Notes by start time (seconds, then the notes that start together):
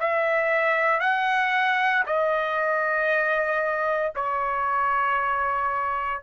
0.00 E5
1.00 F#5
2.06 D#5
4.16 C#5